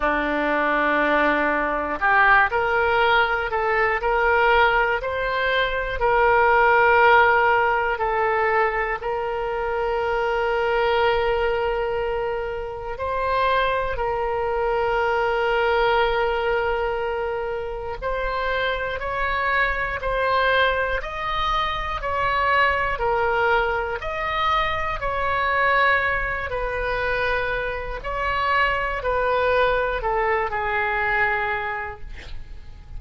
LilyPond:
\new Staff \with { instrumentName = "oboe" } { \time 4/4 \tempo 4 = 60 d'2 g'8 ais'4 a'8 | ais'4 c''4 ais'2 | a'4 ais'2.~ | ais'4 c''4 ais'2~ |
ais'2 c''4 cis''4 | c''4 dis''4 cis''4 ais'4 | dis''4 cis''4. b'4. | cis''4 b'4 a'8 gis'4. | }